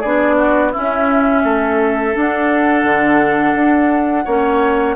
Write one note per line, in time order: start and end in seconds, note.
0.00 0.75 B3
0.00 0.73 D4
0.00 0.35 G#4
0.00 0.72 D5
0.37 0.72 F#4
0.72 2.13 C#4
0.72 1.42 E4
0.72 2.16 E5
0.78 1.44 C#4
1.43 2.15 A3
1.43 4.25 A4
2.13 4.25 D4
2.13 2.84 D4
2.13 4.96 F#5
2.84 3.54 D3
3.55 4.25 D4
4.25 4.96 A#3
4.25 4.96 C#4
4.25 4.95 C#5